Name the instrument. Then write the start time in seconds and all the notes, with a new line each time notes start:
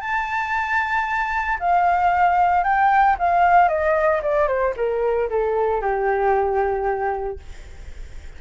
flute
0.00 A5
1.59 F5
2.63 G5
3.19 F5
3.68 D#5
4.22 D5
4.47 C5
4.76 A#4
5.29 A4
5.81 G4